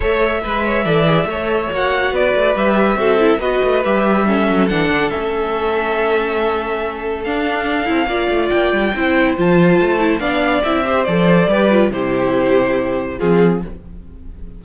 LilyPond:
<<
  \new Staff \with { instrumentName = "violin" } { \time 4/4 \tempo 4 = 141 e''1 | fis''4 d''4 e''2 | dis''4 e''2 fis''4 | e''1~ |
e''4 f''2. | g''2 a''2 | f''4 e''4 d''2 | c''2. gis'4 | }
  \new Staff \with { instrumentName = "violin" } { \time 4/4 cis''4 b'8 cis''8 d''4 cis''4~ | cis''4 b'2 a'4 | b'2 a'2~ | a'1~ |
a'2. d''4~ | d''4 c''2. | d''4. c''4. b'4 | g'2. f'4 | }
  \new Staff \with { instrumentName = "viola" } { \time 4/4 a'4 b'4 a'8 gis'8 a'4 | fis'2 g'4 fis'8 e'8 | fis'4 g'4 cis'4 d'4 | cis'1~ |
cis'4 d'4. e'8 f'4~ | f'4 e'4 f'4. e'8 | d'4 e'8 g'8 a'4 g'8 f'8 | e'2. c'4 | }
  \new Staff \with { instrumentName = "cello" } { \time 4/4 a4 gis4 e4 a4 | ais4 b8 a8 g4 c'4 | b8 a8 g4. fis8 e8 d8 | a1~ |
a4 d'4. c'8 ais8 a8 | ais8 g8 c'4 f4 a4 | b4 c'4 f4 g4 | c2. f4 | }
>>